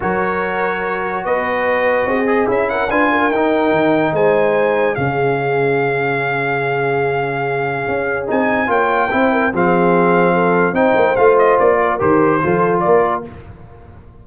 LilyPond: <<
  \new Staff \with { instrumentName = "trumpet" } { \time 4/4 \tempo 4 = 145 cis''2. dis''4~ | dis''2 e''8 fis''8 gis''4 | g''2 gis''2 | f''1~ |
f''1 | gis''4 g''2 f''4~ | f''2 g''4 f''8 dis''8 | d''4 c''2 d''4 | }
  \new Staff \with { instrumentName = "horn" } { \time 4/4 ais'2. b'4~ | b'4 gis'4. ais'8 b'8 ais'8~ | ais'2 c''2 | gis'1~ |
gis'1~ | gis'4 cis''4 c''8 ais'8 gis'4~ | gis'4 a'4 c''2~ | c''8 ais'4. a'4 ais'4 | }
  \new Staff \with { instrumentName = "trombone" } { \time 4/4 fis'1~ | fis'4. gis'8 e'4 f'4 | dis'1 | cis'1~ |
cis'1 | dis'4 f'4 e'4 c'4~ | c'2 dis'4 f'4~ | f'4 g'4 f'2 | }
  \new Staff \with { instrumentName = "tuba" } { \time 4/4 fis2. b4~ | b4 c'4 cis'4 d'4 | dis'4 dis4 gis2 | cis1~ |
cis2. cis'4 | c'4 ais4 c'4 f4~ | f2 c'8 ais8 a4 | ais4 dis4 f4 ais4 | }
>>